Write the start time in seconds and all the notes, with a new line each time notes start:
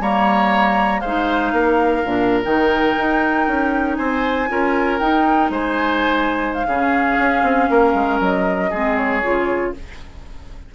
0.00 G3 A#3 C#5 A#5
1.01 G#3 D#4 C5 F5
1.53 A#3 A#4
2.05 A#2 D4
2.44 D#3 D#4 G5
2.97 D#4
3.48 C#4
3.96 C4 C5 G#5
4.49 C#4 F4 A#4
4.99 D#4 G5
5.50 G#3 C5 G#5
6.54 F5
6.66 C#3 C#4 G#4
7.19 C#4
7.43 C4
7.70 A#3 A#4
7.94 G#3
8.21 F#3 D#5
8.71 G#3 C4 G#4
8.97 C#5
9.23 C#3 F4